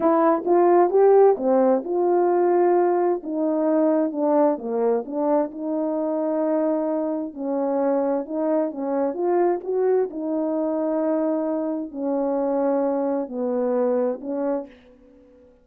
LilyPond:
\new Staff \with { instrumentName = "horn" } { \time 4/4 \tempo 4 = 131 e'4 f'4 g'4 c'4 | f'2. dis'4~ | dis'4 d'4 ais4 d'4 | dis'1 |
cis'2 dis'4 cis'4 | f'4 fis'4 dis'2~ | dis'2 cis'2~ | cis'4 b2 cis'4 | }